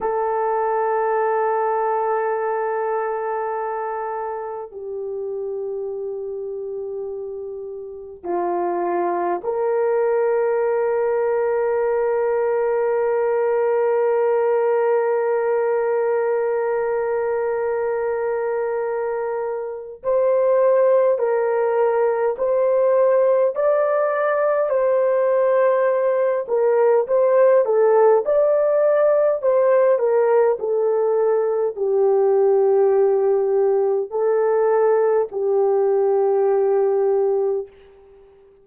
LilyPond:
\new Staff \with { instrumentName = "horn" } { \time 4/4 \tempo 4 = 51 a'1 | g'2. f'4 | ais'1~ | ais'1~ |
ais'4 c''4 ais'4 c''4 | d''4 c''4. ais'8 c''8 a'8 | d''4 c''8 ais'8 a'4 g'4~ | g'4 a'4 g'2 | }